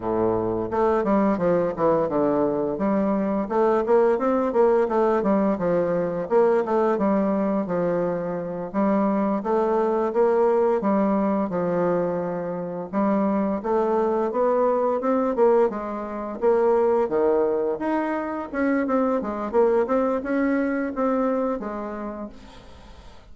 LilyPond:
\new Staff \with { instrumentName = "bassoon" } { \time 4/4 \tempo 4 = 86 a,4 a8 g8 f8 e8 d4 | g4 a8 ais8 c'8 ais8 a8 g8 | f4 ais8 a8 g4 f4~ | f8 g4 a4 ais4 g8~ |
g8 f2 g4 a8~ | a8 b4 c'8 ais8 gis4 ais8~ | ais8 dis4 dis'4 cis'8 c'8 gis8 | ais8 c'8 cis'4 c'4 gis4 | }